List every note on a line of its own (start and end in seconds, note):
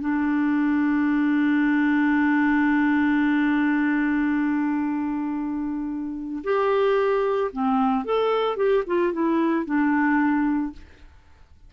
0.00 6.43 D4
6.44 7.51 G4
7.52 8.05 C4
8.05 8.56 A4
8.56 8.83 G4
8.86 9.12 F4
9.12 9.65 E4
9.65 10.72 D4